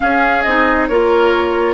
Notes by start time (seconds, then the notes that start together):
0.00 C#4 G#4 F5
0.42 C4 D#5
0.48 D#4
0.87 A#3 F4 A#4 C#5